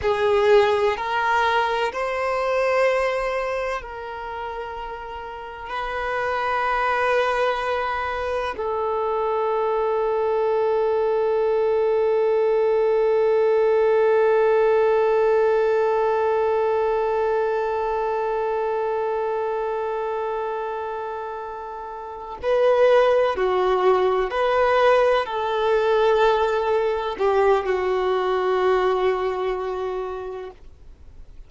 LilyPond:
\new Staff \with { instrumentName = "violin" } { \time 4/4 \tempo 4 = 63 gis'4 ais'4 c''2 | ais'2 b'2~ | b'4 a'2.~ | a'1~ |
a'1~ | a'2.~ a'8 b'8~ | b'8 fis'4 b'4 a'4.~ | a'8 g'8 fis'2. | }